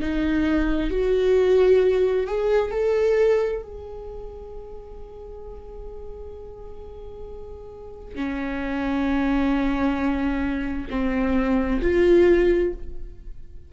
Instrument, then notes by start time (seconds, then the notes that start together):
viola
0.00 D#4
0.90 F#4
2.26 G#4
2.71 A4
3.62 G#4
8.14 C#4
10.90 C4
11.81 F4